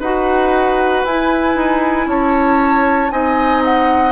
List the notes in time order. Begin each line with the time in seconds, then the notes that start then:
0.00 D#4 F#4 B4 F#5
1.05 E4 G#5
1.55 D#4
2.07 C#4 C#5 A5
3.11 C4 D#4 D#5 G#5
3.65 F#5